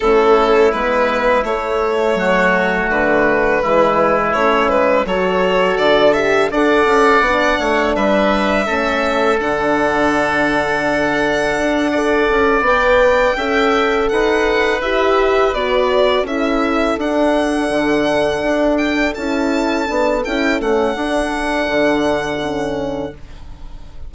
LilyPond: <<
  \new Staff \with { instrumentName = "violin" } { \time 4/4 \tempo 4 = 83 a'4 b'4 cis''2 | b'2 cis''8 b'8 cis''4 | d''8 e''8 fis''2 e''4~ | e''4 fis''2.~ |
fis''4. g''2 fis''8~ | fis''8 e''4 d''4 e''4 fis''8~ | fis''2 g''8 a''4. | g''8 fis''2.~ fis''8 | }
  \new Staff \with { instrumentName = "oboe" } { \time 4/4 e'2. fis'4~ | fis'4 e'2 a'4~ | a'4 d''4. cis''8 b'4 | a'1~ |
a'8 d''2 e''4 b'8~ | b'2~ b'8 a'4.~ | a'1~ | a'1 | }
  \new Staff \with { instrumentName = "horn" } { \time 4/4 cis'4 b4 a2~ | a4 gis4 cis'4 fis'4~ | fis'8 g'8 a'4 d'2 | cis'4 d'2.~ |
d'8 a'4 b'4 a'4.~ | a'8 g'4 fis'4 e'4 d'8~ | d'2~ d'8 e'4 d'8 | e'8 cis'8 d'2 cis'4 | }
  \new Staff \with { instrumentName = "bassoon" } { \time 4/4 a4 gis4 a4 fis4 | d4 e4 a8 gis8 fis4 | d4 d'8 cis'8 b8 a8 g4 | a4 d2. |
d'4 cis'8 b4 cis'4 dis'8~ | dis'8 e'4 b4 cis'4 d'8~ | d'8 d4 d'4 cis'4 b8 | cis'8 a8 d'4 d2 | }
>>